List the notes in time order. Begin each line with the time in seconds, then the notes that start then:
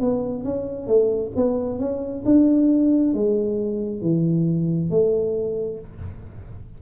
0.00 B3
0.44 C#4
0.87 A3
1.36 B3
1.79 C#4
2.25 D4
3.13 G#3
4.01 E3
4.90 A3